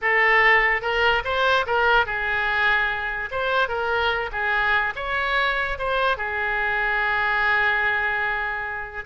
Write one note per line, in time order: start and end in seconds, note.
0.01 0.81 A4
0.81 1.22 A#4
1.24 1.65 C5
1.66 2.06 A#4
2.06 3.29 G#4
3.31 3.68 C5
3.68 4.30 A#4
4.32 4.93 G#4
4.95 5.77 C#5
5.78 6.17 C5
6.17 9.04 G#4